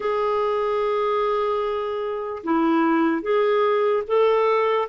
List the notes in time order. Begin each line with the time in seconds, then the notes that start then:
0.00 G#4
2.43 E4
3.22 G#4
4.07 A4